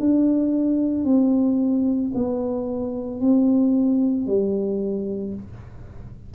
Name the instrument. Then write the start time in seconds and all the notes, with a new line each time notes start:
tuba
0.00 D4
1.05 C4
2.15 B3
3.20 C4
4.27 G3